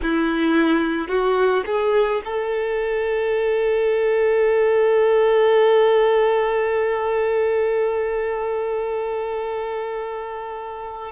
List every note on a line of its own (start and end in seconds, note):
0.02 1.08 E4
1.08 1.63 F#4
1.66 2.21 G#4
2.24 11.11 A4